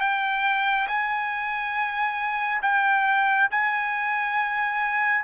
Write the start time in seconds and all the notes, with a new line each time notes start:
0.00 G5
0.87 G#5
2.62 G5
3.50 G#5